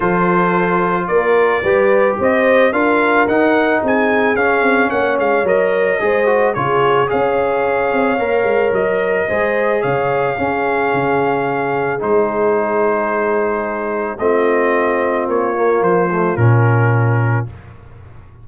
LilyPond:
<<
  \new Staff \with { instrumentName = "trumpet" } { \time 4/4 \tempo 4 = 110 c''2 d''2 | dis''4 f''4 fis''4 gis''4 | f''4 fis''8 f''8 dis''2 | cis''4 f''2. |
dis''2 f''2~ | f''2 c''2~ | c''2 dis''2 | cis''4 c''4 ais'2 | }
  \new Staff \with { instrumentName = "horn" } { \time 4/4 a'2 ais'4 b'4 | c''4 ais'2 gis'4~ | gis'4 cis''2 c''4 | gis'4 cis''2.~ |
cis''4 c''4 cis''4 gis'4~ | gis'1~ | gis'2 f'2~ | f'1 | }
  \new Staff \with { instrumentName = "trombone" } { \time 4/4 f'2. g'4~ | g'4 f'4 dis'2 | cis'2 ais'4 gis'8 fis'8 | f'4 gis'2 ais'4~ |
ais'4 gis'2 cis'4~ | cis'2 dis'2~ | dis'2 c'2~ | c'8 ais4 a8 cis'2 | }
  \new Staff \with { instrumentName = "tuba" } { \time 4/4 f2 ais4 g4 | c'4 d'4 dis'4 c'4 | cis'8 c'8 ais8 gis8 fis4 gis4 | cis4 cis'4. c'8 ais8 gis8 |
fis4 gis4 cis4 cis'4 | cis2 gis2~ | gis2 a2 | ais4 f4 ais,2 | }
>>